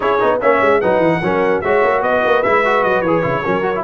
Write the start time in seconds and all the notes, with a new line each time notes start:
0.00 C#4 E4 G#4 C#5
0.20 B3 D#4
0.40 A#3 C#4 C#5 E5
0.61 G#3
0.81 F#3 D#4 B4 F#5
0.98 E3
1.22 F#3 C#4 A#4
1.61 G#3 F#4 C#5 E5
1.83 A#3
2.02 B3 B4 D#5
2.24 A#3
2.42 G#3 E4 E5
2.64 F#4
2.83 F#3 D#5
3.01 E3 G#4 C#5
3.22 C#3 E4
3.42 F#3 C#4 A#4
3.62 F#4
3.75 E4